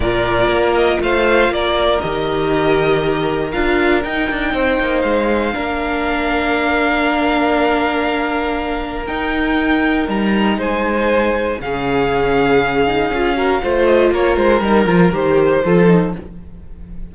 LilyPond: <<
  \new Staff \with { instrumentName = "violin" } { \time 4/4 \tempo 4 = 119 d''4. dis''8 f''4 d''4 | dis''2. f''4 | g''2 f''2~ | f''1~ |
f''2 g''2 | ais''4 gis''2 f''4~ | f''2.~ f''8 dis''8 | cis''8 c''8 ais'4 c''2 | }
  \new Staff \with { instrumentName = "violin" } { \time 4/4 ais'2 c''4 ais'4~ | ais'1~ | ais'4 c''2 ais'4~ | ais'1~ |
ais'1~ | ais'4 c''2 gis'4~ | gis'2~ gis'8 ais'8 c''4 | ais'2. a'4 | }
  \new Staff \with { instrumentName = "viola" } { \time 4/4 f'1 | g'2. f'4 | dis'2. d'4~ | d'1~ |
d'2 dis'2~ | dis'2. cis'4~ | cis'4. dis'8 f'8 fis'8 f'4~ | f'4 dis'8 f'8 g'4 f'8 dis'8 | }
  \new Staff \with { instrumentName = "cello" } { \time 4/4 ais,4 ais4 a4 ais4 | dis2. d'4 | dis'8 d'8 c'8 ais8 gis4 ais4~ | ais1~ |
ais2 dis'2 | g4 gis2 cis4~ | cis2 cis'4 a4 | ais8 gis8 g8 f8 dis4 f4 | }
>>